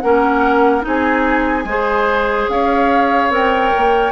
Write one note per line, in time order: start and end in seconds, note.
0.00 0.85 A#3
0.00 0.81 C#4
0.00 0.85 A#4
0.00 0.82 F#5
0.81 1.64 C4
0.81 1.63 D#4
0.81 1.68 G#4
0.87 2.49 G#5
1.64 2.47 G#3
1.64 3.30 G#4
1.64 2.51 C5
2.48 3.30 C#4
2.48 4.11 C#5
2.48 3.31 F5
3.30 3.71 C4
3.30 4.11 A#4
3.30 4.11 G5
3.77 4.11 A#3